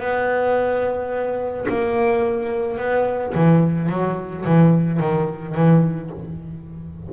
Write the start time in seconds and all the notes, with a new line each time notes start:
0.00 B3
1.69 A#3
2.78 B3
3.35 E3
3.90 F#3
4.45 E3
5.00 D#3
5.55 E3